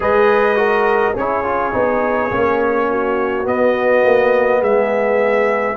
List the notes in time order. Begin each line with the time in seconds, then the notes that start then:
0.00 G#3 G#4 B4 D#5
0.55 F#4 A#4
1.13 C#4 G#4 C#5
1.19 E4
1.44 F4
1.72 B3 D#4
2.30 A#3 C#4
2.90 F#4
3.43 B3 D#5
4.04 A#3
4.60 G#3 G#4 E5